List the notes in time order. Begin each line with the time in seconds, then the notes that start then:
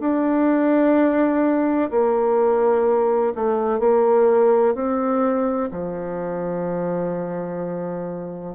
0.00 D4
1.91 A#3
3.35 A3
3.80 A#3
4.75 C4
5.71 F3